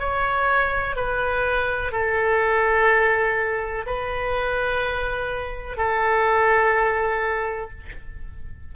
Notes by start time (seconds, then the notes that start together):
0.00 C#5
0.96 B4
1.92 A4
3.87 B4
5.78 A4